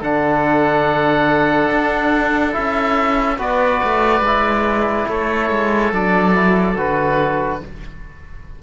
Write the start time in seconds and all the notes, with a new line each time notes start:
0.00 D3 D4 A4 F#5
1.71 D4
2.52 C#4 E4 E5
3.38 B3 F#4 B4 D5
3.84 A3
4.21 G#3 E4
5.08 A3 A4 C#5
5.50 G#3
5.92 F#3 D4 D5
6.33 E4
6.76 D3 F#4 B4